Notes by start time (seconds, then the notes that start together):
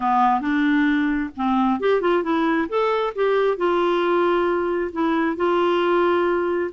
0.00 B3
0.41 D4
1.36 C4
1.80 G4
2.01 F4
2.23 E4
2.68 A4
3.15 G4
3.57 F4
4.92 E4
5.36 F4